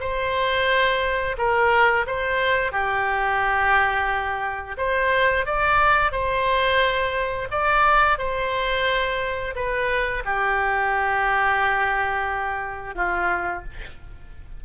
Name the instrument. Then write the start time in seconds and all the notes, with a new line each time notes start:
oboe
0.00 C5
1.38 A#4
2.07 C5
2.72 G4
4.78 C5
5.46 D5
6.12 C5
7.51 D5
8.18 C5
9.55 B4
10.25 G4
12.95 F4